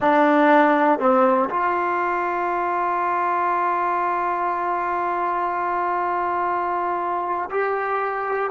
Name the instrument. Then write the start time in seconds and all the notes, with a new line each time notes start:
trombone
0.00 D4
0.99 C4
1.49 F4
7.50 G4